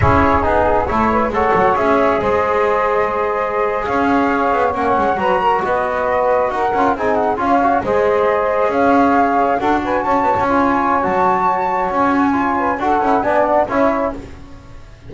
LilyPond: <<
  \new Staff \with { instrumentName = "flute" } { \time 4/4 \tempo 4 = 136 cis''4 gis'4 cis''4 fis''4 | e''4 dis''2.~ | dis''8. f''2 fis''4 ais''16~ | ais''8. dis''2 fis''4 gis''16~ |
gis''16 fis''8 f''4 dis''2 f''16~ | f''4.~ f''16 fis''8 gis''8 a''4 gis''16~ | gis''4 a''2 gis''4~ | gis''4 fis''4 gis''8 fis''8 e''4 | }
  \new Staff \with { instrumentName = "saxophone" } { \time 4/4 gis'2 a'8 b'8 cis''4~ | cis''4 c''2.~ | c''8. cis''2. b'16~ | b'16 ais'8 b'2 ais'4 gis'16~ |
gis'8. cis''4 c''2 cis''16~ | cis''4.~ cis''16 a'8 b'8 cis''4~ cis''16~ | cis''1~ | cis''8 b'8 a'4 d''4 cis''4 | }
  \new Staff \with { instrumentName = "trombone" } { \time 4/4 e'4 dis'4 e'4 a'4 | gis'1~ | gis'2~ gis'8. cis'4 fis'16~ | fis'2.~ fis'16 f'8 dis'16~ |
dis'8. f'8 fis'8 gis'2~ gis'16~ | gis'4.~ gis'16 fis'2 f'16~ | f'4 fis'2. | f'4 fis'8 e'8 d'4 e'4 | }
  \new Staff \with { instrumentName = "double bass" } { \time 4/4 cis'4 b4 a4 gis8 fis8 | cis'4 gis2.~ | gis8. cis'4. b8 ais8 gis8 fis16~ | fis8. b2 dis'8 cis'8 c'16~ |
c'8. cis'4 gis2 cis'16~ | cis'4.~ cis'16 d'4 cis'8 b16 cis'8~ | cis'4 fis2 cis'4~ | cis'4 d'8 cis'8 b4 cis'4 | }
>>